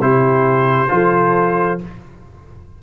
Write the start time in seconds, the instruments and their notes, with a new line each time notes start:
0.00 tuba C3, trombone E4, horn G4, trumpet C5
0.89 tuba F3, trombone F4, horn A4